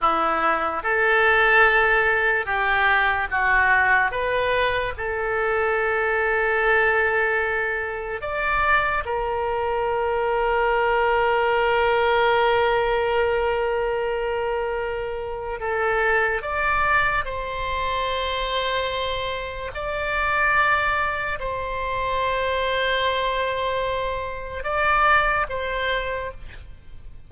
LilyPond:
\new Staff \with { instrumentName = "oboe" } { \time 4/4 \tempo 4 = 73 e'4 a'2 g'4 | fis'4 b'4 a'2~ | a'2 d''4 ais'4~ | ais'1~ |
ais'2. a'4 | d''4 c''2. | d''2 c''2~ | c''2 d''4 c''4 | }